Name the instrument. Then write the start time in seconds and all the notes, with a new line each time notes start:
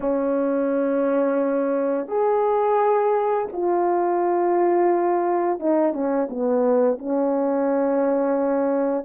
horn
0.00 C#4
2.07 G#4
3.52 F4
5.59 D#4
5.93 C#4
6.29 B3
6.98 C#4